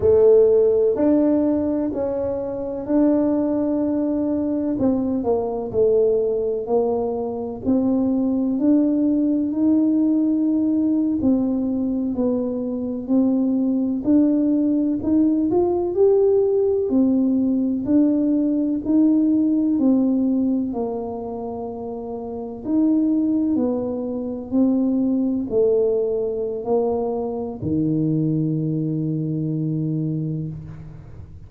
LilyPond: \new Staff \with { instrumentName = "tuba" } { \time 4/4 \tempo 4 = 63 a4 d'4 cis'4 d'4~ | d'4 c'8 ais8 a4 ais4 | c'4 d'4 dis'4.~ dis'16 c'16~ | c'8. b4 c'4 d'4 dis'16~ |
dis'16 f'8 g'4 c'4 d'4 dis'16~ | dis'8. c'4 ais2 dis'16~ | dis'8. b4 c'4 a4~ a16 | ais4 dis2. | }